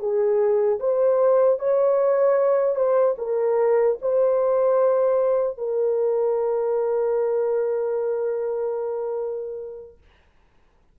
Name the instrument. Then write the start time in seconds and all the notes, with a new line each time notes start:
horn
0.00 G#4
0.80 C5
1.60 C#5
2.76 C5
3.19 A#4
4.02 C5
5.58 A#4